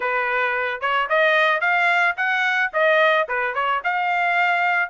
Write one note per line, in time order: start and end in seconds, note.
0.00 0.80 B4
0.80 1.08 C#5
1.09 1.61 D#5
1.61 2.15 F5
2.16 2.71 F#5
2.73 3.27 D#5
3.28 3.54 B4
3.54 3.81 C#5
3.84 4.89 F5